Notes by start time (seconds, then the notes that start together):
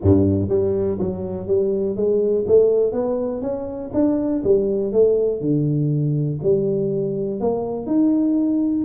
0.02 G2
0.48 G3
0.99 F#3
1.47 G3
1.96 G#3
2.47 A3
2.92 B3
3.41 C#4
3.93 D4
4.44 G3
4.92 A3
5.40 D3
6.42 G3
7.40 A#3
7.86 D#4